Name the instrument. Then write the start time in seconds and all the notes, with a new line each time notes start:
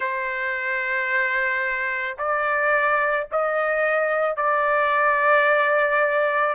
trumpet
0.00 C5
2.18 D5
3.31 D#5
4.36 D5